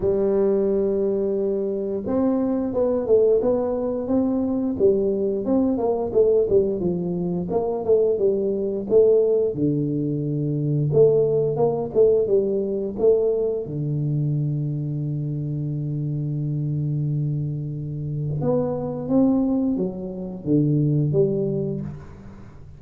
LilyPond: \new Staff \with { instrumentName = "tuba" } { \time 4/4 \tempo 4 = 88 g2. c'4 | b8 a8 b4 c'4 g4 | c'8 ais8 a8 g8 f4 ais8 a8 | g4 a4 d2 |
a4 ais8 a8 g4 a4 | d1~ | d2. b4 | c'4 fis4 d4 g4 | }